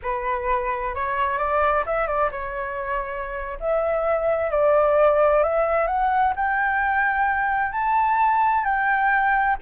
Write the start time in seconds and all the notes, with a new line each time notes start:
0.02 B4
0.94 C#5
1.38 D5
1.85 E5
2.07 D5
2.31 C#5
3.59 E5
4.50 D5
5.43 E5
5.87 F#5
6.35 G5
7.72 A5
8.64 G5